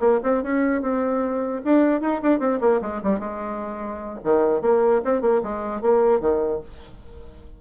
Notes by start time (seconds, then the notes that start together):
0.00 A#3
0.23 C4
0.43 C#4
0.82 C4
1.65 D4
2.02 D#4
2.23 D4
2.40 C4
2.61 A#3
2.82 G#3
3.03 G3
3.20 G#3
4.24 D#3
4.62 A#3
5.05 C4
5.22 A#3
5.43 G#3
5.82 A#3
6.21 D#3